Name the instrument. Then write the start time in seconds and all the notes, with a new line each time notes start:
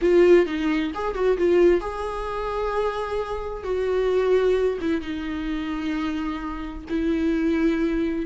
viola
0.01 F4
0.46 D#4
0.94 G#4
1.14 F#4
1.37 F4
1.80 G#4
3.63 F#4
4.80 E4
5.01 D#4
6.89 E4